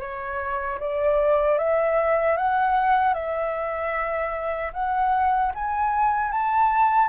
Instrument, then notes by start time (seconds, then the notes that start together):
flute
0.00 C#5
0.80 D5
1.59 E5
2.38 F#5
3.14 E5
4.74 F#5
5.55 G#5
6.32 A5